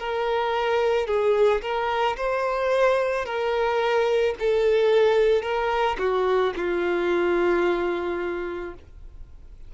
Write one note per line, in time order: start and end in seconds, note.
0.00 1.07 A#4
1.07 1.62 G#4
1.62 2.17 A#4
2.17 3.26 C5
3.26 4.35 A#4
4.40 5.42 A4
5.42 5.97 A#4
5.99 6.54 F#4
6.57 8.75 F4